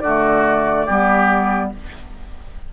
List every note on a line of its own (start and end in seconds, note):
0.00 0.86 D3
0.00 0.88 A3
0.00 0.86 F#4
0.00 1.69 D5
0.86 1.73 G3
0.86 1.73 B3
0.86 1.71 G4